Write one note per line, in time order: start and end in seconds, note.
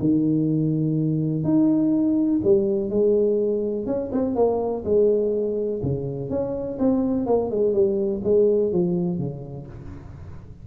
0.00 1.44 D#3
1.44 2.41 D#4
2.44 2.90 G3
2.90 3.86 G#3
3.86 4.10 C#4
4.12 4.35 C4
4.35 4.84 A#3
4.84 5.81 G#3
5.82 6.30 C#3
6.30 6.78 C#4
6.79 7.26 C4
7.26 7.50 A#3
7.50 7.73 G#3
7.73 8.22 G3
8.24 8.72 G#3
8.72 9.19 F3
9.19 9.67 C#3